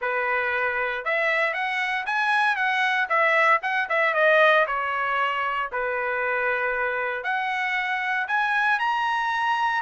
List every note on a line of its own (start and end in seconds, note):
0.01 1.04 B4
1.04 1.53 E5
1.53 2.05 F#5
2.05 2.56 G#5
2.56 3.07 F#5
3.09 3.60 E5
3.62 3.88 F#5
3.89 4.14 E5
4.14 4.66 D#5
4.66 5.70 C#5
5.72 7.23 B4
7.23 8.27 F#5
8.27 8.79 G#5
8.79 9.82 A#5